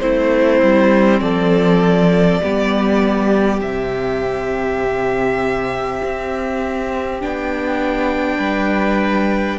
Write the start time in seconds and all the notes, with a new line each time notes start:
0.00 A3 C4 E4 C5
0.63 G3
1.20 F3 A4 D5
2.43 G3 B3 G4
3.61 C3 C4 E5
6.03 C4
7.21 B3 D4 G5
8.38 G3 B4